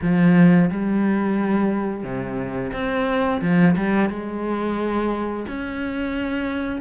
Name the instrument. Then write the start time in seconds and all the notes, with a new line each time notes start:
cello
0.02 F3
0.70 G3
2.03 C3
2.72 C4
3.41 F3
3.76 G3
4.09 G#3
5.47 C#4